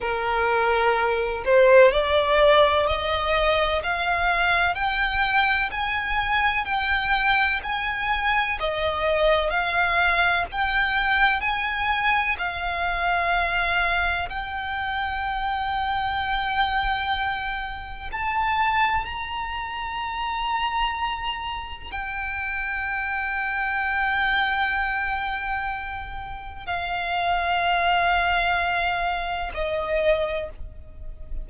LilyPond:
\new Staff \with { instrumentName = "violin" } { \time 4/4 \tempo 4 = 63 ais'4. c''8 d''4 dis''4 | f''4 g''4 gis''4 g''4 | gis''4 dis''4 f''4 g''4 | gis''4 f''2 g''4~ |
g''2. a''4 | ais''2. g''4~ | g''1 | f''2. dis''4 | }